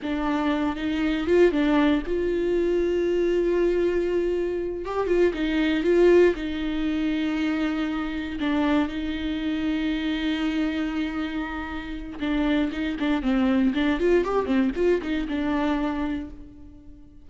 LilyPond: \new Staff \with { instrumentName = "viola" } { \time 4/4 \tempo 4 = 118 d'4. dis'4 f'8 d'4 | f'1~ | f'4. g'8 f'8 dis'4 f'8~ | f'8 dis'2.~ dis'8~ |
dis'8 d'4 dis'2~ dis'8~ | dis'1 | d'4 dis'8 d'8 c'4 d'8 f'8 | g'8 c'8 f'8 dis'8 d'2 | }